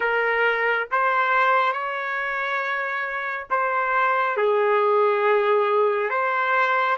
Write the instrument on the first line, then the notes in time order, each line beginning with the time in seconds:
trumpet
0.00 A#4
0.91 C5
1.72 C#5
3.50 C5
4.36 G#4
6.09 C5